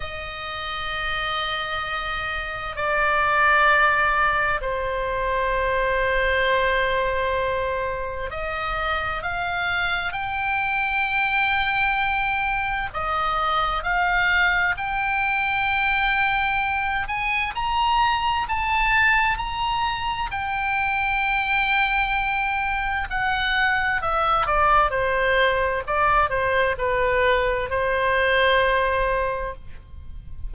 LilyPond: \new Staff \with { instrumentName = "oboe" } { \time 4/4 \tempo 4 = 65 dis''2. d''4~ | d''4 c''2.~ | c''4 dis''4 f''4 g''4~ | g''2 dis''4 f''4 |
g''2~ g''8 gis''8 ais''4 | a''4 ais''4 g''2~ | g''4 fis''4 e''8 d''8 c''4 | d''8 c''8 b'4 c''2 | }